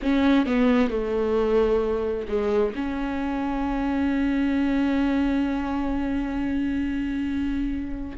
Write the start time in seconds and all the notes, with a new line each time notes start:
0.02 C#4
0.45 B3
0.90 A3
2.27 G#3
2.75 C#4